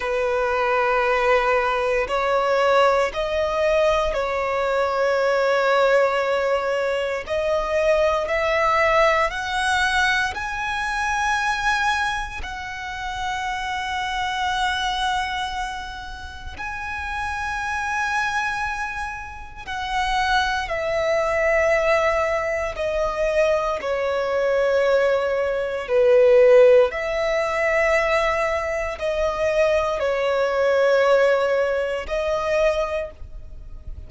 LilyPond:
\new Staff \with { instrumentName = "violin" } { \time 4/4 \tempo 4 = 58 b'2 cis''4 dis''4 | cis''2. dis''4 | e''4 fis''4 gis''2 | fis''1 |
gis''2. fis''4 | e''2 dis''4 cis''4~ | cis''4 b'4 e''2 | dis''4 cis''2 dis''4 | }